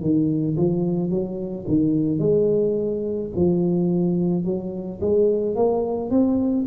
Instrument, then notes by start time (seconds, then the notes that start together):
tuba
0.00 D#3
0.56 F3
1.10 F#3
1.67 D#3
2.19 G#3
3.35 F3
4.44 F#3
5.00 G#3
5.55 A#3
6.10 C4